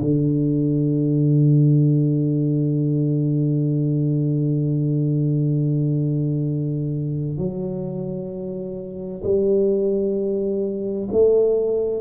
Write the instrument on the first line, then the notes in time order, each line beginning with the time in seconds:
tuba
0.00 D3
7.37 F#3
9.23 G3
11.11 A3